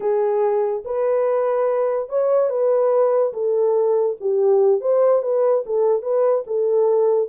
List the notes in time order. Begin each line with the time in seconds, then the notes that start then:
0.00 G#4
0.84 B4
2.09 C#5
2.49 B4
3.33 A4
4.20 G4
4.80 C5
5.22 B4
5.66 A4
6.02 B4
6.46 A4